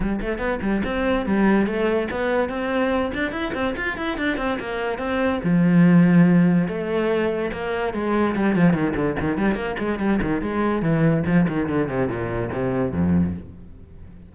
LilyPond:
\new Staff \with { instrumentName = "cello" } { \time 4/4 \tempo 4 = 144 g8 a8 b8 g8 c'4 g4 | a4 b4 c'4. d'8 | e'8 c'8 f'8 e'8 d'8 c'8 ais4 | c'4 f2. |
a2 ais4 gis4 | g8 f8 dis8 d8 dis8 g8 ais8 gis8 | g8 dis8 gis4 e4 f8 dis8 | d8 c8 ais,4 c4 f,4 | }